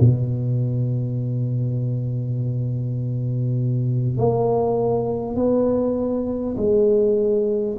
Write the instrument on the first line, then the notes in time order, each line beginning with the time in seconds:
tuba
0.00 B2
4.17 A#3
5.36 B3
6.57 G#3